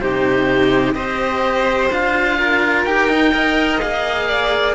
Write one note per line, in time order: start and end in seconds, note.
0.00 0.95 C3
0.00 0.94 D#4
0.00 0.94 G4
0.00 0.94 C5
0.94 1.89 C4
0.94 1.89 G4
0.94 2.37 C5
0.94 1.89 D#5
1.89 2.84 D4
1.89 2.86 F4
1.89 2.85 F5
2.37 3.33 A#4
2.84 3.80 D#4
2.84 3.08 G4
2.84 3.80 G5
3.08 3.31 D#4
3.31 3.79 A#4
3.31 4.28 D#5
3.80 4.75 A#3
3.80 4.75 G#4
3.80 4.75 F5
4.28 4.75 D5